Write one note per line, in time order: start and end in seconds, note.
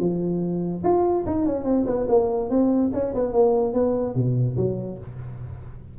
0.00 0.83 F3
0.84 1.25 F4
1.27 1.46 D#4
1.46 1.65 C#4
1.65 1.85 C4
1.87 2.07 B3
2.09 2.50 A#3
2.50 2.92 C4
2.94 3.14 C#4
3.15 3.33 B3
3.33 3.74 A#3
3.74 4.15 B3
4.15 4.57 B2
4.57 4.99 F#3